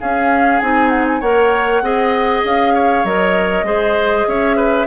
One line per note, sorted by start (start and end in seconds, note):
0.00 0.61 C#4
0.00 1.20 G#4
0.00 0.59 F5
0.59 1.21 C4
0.59 1.22 D#4
0.59 0.89 G#5
0.89 1.05 F#5
1.07 1.21 G#5
1.20 1.81 A#3
1.20 1.83 A#4
1.20 1.82 C#5
1.20 2.43 F#5
1.81 2.43 C4
1.81 3.05 G#4
1.81 2.74 D#5
2.44 3.04 C#4
2.44 3.05 F5
2.74 3.65 C#5
3.04 3.63 F#3
3.04 3.64 A#4
3.04 4.28 D#5
3.63 4.24 G#3
3.63 4.87 G#4
3.63 4.27 C5
4.27 4.87 C#4
4.27 4.56 C#5
4.27 4.87 E5
4.56 4.87 B4